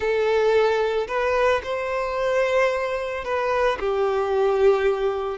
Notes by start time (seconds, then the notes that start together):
0.00 A4
1.07 B4
1.63 C5
3.24 B4
3.79 G4